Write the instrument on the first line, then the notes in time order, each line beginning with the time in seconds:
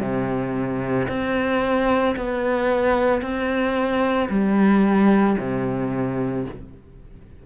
cello
0.00 C3
1.08 C4
2.16 B3
3.21 C4
4.30 G3
5.38 C3